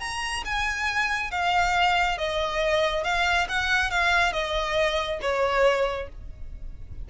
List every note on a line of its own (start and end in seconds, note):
0.00 0.43 A#5
0.45 1.31 G#5
1.31 2.18 F5
2.18 3.04 D#5
3.04 3.48 F5
3.49 3.91 F#5
3.91 4.33 F5
4.33 5.20 D#5
5.22 6.09 C#5